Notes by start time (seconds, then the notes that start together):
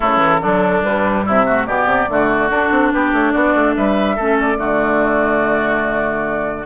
0.00 C#3 A3 E4 A4
0.17 E3
0.40 D3 F#3 D4
0.82 G2 G3 B4
1.25 C3 E4 E5
1.45 A3 F#4
1.66 B2 B3 G4 D5
1.86 C3
2.08 D3 A3 F#4
2.49 D4 A4
2.70 C4
2.92 B3 G4 B4
3.12 A3 C#5
3.32 B3 F#4 D5
3.54 A3
3.75 G3 B4 E5
4.15 A3 C#4 A4
4.40 D5
4.57 D3 A3 F#4